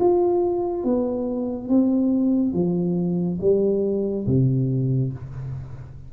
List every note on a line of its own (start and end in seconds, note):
0.00 0.85 F4
0.85 1.69 B3
1.69 2.54 C4
2.54 3.39 F3
3.41 4.27 G3
4.27 5.13 C3